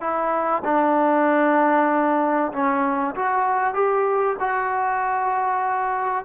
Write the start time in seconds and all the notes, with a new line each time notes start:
0.00 E4
0.64 D4
2.52 C#4
3.15 F#4
3.74 G4
4.39 F#4